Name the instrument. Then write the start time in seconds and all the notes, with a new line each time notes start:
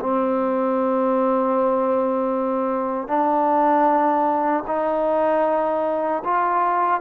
trombone
0.00 C4
3.08 D4
4.67 D#4
6.24 F4